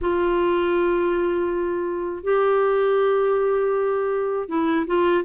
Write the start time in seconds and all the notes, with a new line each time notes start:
0.01 F4
2.23 G4
4.48 E4
4.86 F4